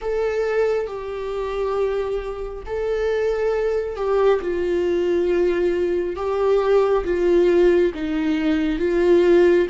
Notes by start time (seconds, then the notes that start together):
0.01 A4
0.87 G4
2.66 A4
3.95 G4
4.41 F4
6.15 G4
7.04 F4
7.94 D#4
8.78 F4